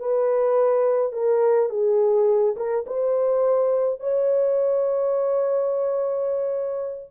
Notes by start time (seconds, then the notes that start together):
0.00 B4
1.13 A#4
1.70 G#4
2.57 A#4
2.86 C5
4.00 C#5